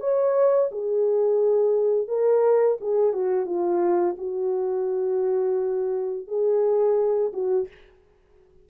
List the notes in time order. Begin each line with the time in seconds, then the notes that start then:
0.00 C#5
0.71 G#4
2.08 A#4
2.80 G#4
3.13 F#4
3.46 F4
4.18 F#4
6.27 G#4
7.33 F#4